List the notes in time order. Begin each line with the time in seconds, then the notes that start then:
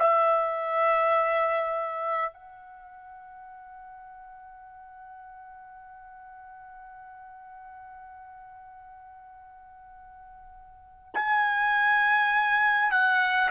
0.00 E5
2.34 F#5
11.15 G#5
12.92 F#5